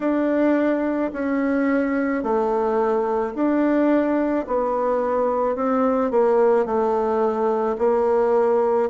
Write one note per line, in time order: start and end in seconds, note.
0.00 1.11 D4
1.12 2.23 C#4
2.23 3.34 A3
3.34 4.45 D4
4.47 5.56 B3
5.56 6.11 C4
6.11 6.65 A#3
6.65 7.76 A3
7.78 8.89 A#3